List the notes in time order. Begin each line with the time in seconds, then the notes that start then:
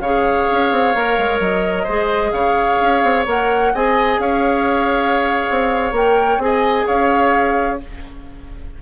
0.00 C#3 G#4 C#5 F5
0.51 C#4
0.72 C4
0.95 A#3 A#4
1.18 G#3
1.40 F#3 D#5
1.83 G#3 G#4 C5
2.32 C#3 C#5 F5
2.81 C#4
3.03 C4
3.26 A#3 A#4 F#5
3.74 C4 G#4 D#5 G#5
4.18 C#4 C#5 F5
5.50 C4
5.92 A#3 A#4 G5
6.38 C4 G#4 G#5
6.44 D#5
6.86 C#4 C#5 F5